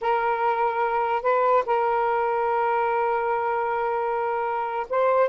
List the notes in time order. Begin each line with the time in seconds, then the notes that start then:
0.01 A#4
1.22 B4
1.66 A#4
4.89 C5